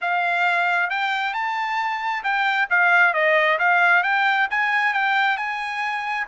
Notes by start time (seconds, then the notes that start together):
0.01 F5
0.90 G5
1.33 A5
2.23 G5
2.69 F5
3.13 D#5
3.59 F5
4.03 G5
4.50 G#5
4.93 G5
5.37 G#5